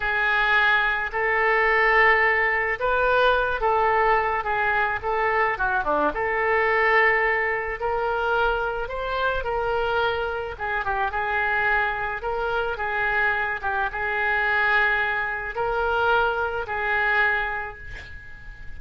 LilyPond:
\new Staff \with { instrumentName = "oboe" } { \time 4/4 \tempo 4 = 108 gis'2 a'2~ | a'4 b'4. a'4. | gis'4 a'4 fis'8 d'8 a'4~ | a'2 ais'2 |
c''4 ais'2 gis'8 g'8 | gis'2 ais'4 gis'4~ | gis'8 g'8 gis'2. | ais'2 gis'2 | }